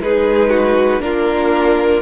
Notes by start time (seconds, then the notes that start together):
0.00 G#3 D#4 G#4 B4
0.50 F#4
1.01 A#3 D4 F4 A#4